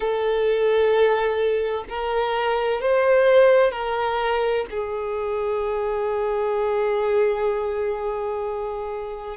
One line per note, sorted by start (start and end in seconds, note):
0.00 1.84 A4
1.89 2.81 A#4
2.81 3.71 C5
3.71 4.65 A#4
4.70 9.36 G#4